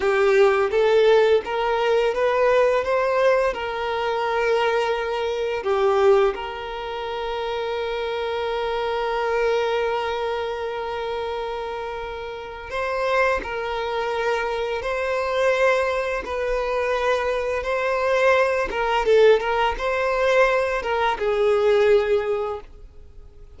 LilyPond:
\new Staff \with { instrumentName = "violin" } { \time 4/4 \tempo 4 = 85 g'4 a'4 ais'4 b'4 | c''4 ais'2. | g'4 ais'2.~ | ais'1~ |
ais'2 c''4 ais'4~ | ais'4 c''2 b'4~ | b'4 c''4. ais'8 a'8 ais'8 | c''4. ais'8 gis'2 | }